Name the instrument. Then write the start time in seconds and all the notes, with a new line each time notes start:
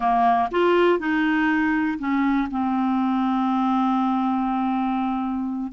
clarinet
0.00 A#3
0.51 F4
0.99 D#4
1.98 C#4
2.50 C4